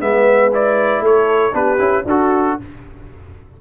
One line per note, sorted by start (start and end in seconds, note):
0.00 1.01 G#3
0.00 0.51 B3
0.00 1.03 B4
0.00 0.52 E5
0.52 1.52 E4
0.52 1.05 D5
1.01 1.52 A3
1.01 1.54 A4
1.01 1.55 C#5
1.52 1.79 B3
1.52 1.78 D4
1.52 2.05 G4
1.52 2.06 B4
1.78 2.04 C#4
1.78 2.04 E4
2.05 2.56 D4
2.05 2.56 F#4
2.05 2.61 F#4
2.05 2.60 A4